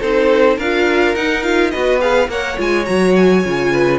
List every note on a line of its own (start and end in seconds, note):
0.00 0.58 C4
0.00 0.59 D#4
0.00 0.57 A4
0.00 0.58 C5
0.57 1.15 D4
0.57 1.71 A#4
0.57 1.15 F5
0.63 1.16 F4
1.15 1.44 D#4
1.15 1.73 D#4
1.15 1.43 F#5
1.43 1.72 F4
1.43 1.70 F5
1.70 2.28 B3
1.70 2.00 F#4
1.70 2.30 B4
1.70 1.99 D#5
2.00 2.28 G#4
2.00 2.29 F5
2.28 2.57 A#3
2.28 2.57 A#4
2.28 3.72 C#5
2.28 2.59 F#5
2.57 2.88 G#3
2.57 2.85 F4
2.57 2.86 G#5
2.86 3.45 F#3
2.86 3.43 F#4
2.86 3.14 A#5
3.16 3.99 G#5
3.45 3.99 C#3
3.45 3.99 F4
3.72 3.99 B4